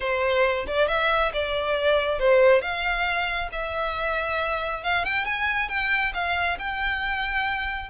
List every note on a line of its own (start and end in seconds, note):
0.00 0.65 C5
0.67 0.88 D5
0.88 1.32 E5
1.33 2.19 D5
2.19 2.61 C5
2.61 3.49 F5
3.52 4.83 E5
4.83 5.04 F5
5.04 5.25 G5
5.25 5.68 G#5
5.69 6.12 G5
6.14 6.58 F5
6.59 7.89 G5